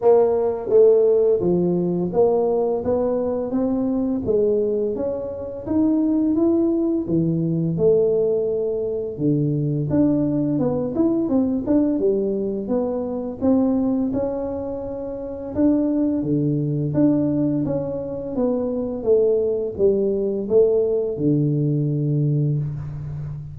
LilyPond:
\new Staff \with { instrumentName = "tuba" } { \time 4/4 \tempo 4 = 85 ais4 a4 f4 ais4 | b4 c'4 gis4 cis'4 | dis'4 e'4 e4 a4~ | a4 d4 d'4 b8 e'8 |
c'8 d'8 g4 b4 c'4 | cis'2 d'4 d4 | d'4 cis'4 b4 a4 | g4 a4 d2 | }